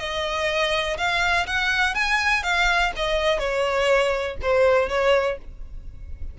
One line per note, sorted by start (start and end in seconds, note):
0.00 0.98 D#5
0.98 1.47 F5
1.47 1.95 F#5
1.95 2.43 G#5
2.43 2.92 F5
2.97 3.39 D#5
3.39 4.37 C#5
4.42 4.90 C5
4.90 5.38 C#5